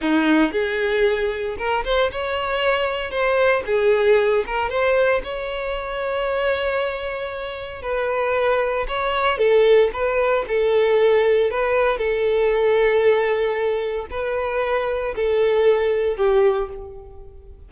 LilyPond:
\new Staff \with { instrumentName = "violin" } { \time 4/4 \tempo 4 = 115 dis'4 gis'2 ais'8 c''8 | cis''2 c''4 gis'4~ | gis'8 ais'8 c''4 cis''2~ | cis''2. b'4~ |
b'4 cis''4 a'4 b'4 | a'2 b'4 a'4~ | a'2. b'4~ | b'4 a'2 g'4 | }